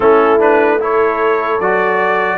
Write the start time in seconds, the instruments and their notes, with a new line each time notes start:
0.00 tuba A3, trombone C#4, horn E4, trumpet A4
0.39 trombone D4, trumpet B4
0.80 trombone E4, horn A4, trumpet C#5
1.59 tuba F#3, trombone F#4, trumpet D5